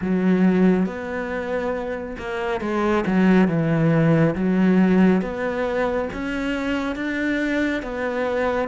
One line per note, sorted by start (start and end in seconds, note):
0.01 0.85 F#3
0.85 2.16 B3
2.18 2.60 A#3
2.60 3.04 G#3
3.06 3.47 F#3
3.47 4.34 E3
4.35 5.21 F#3
5.21 6.08 B3
6.13 6.95 C#4
6.95 7.82 D4
7.82 8.68 B3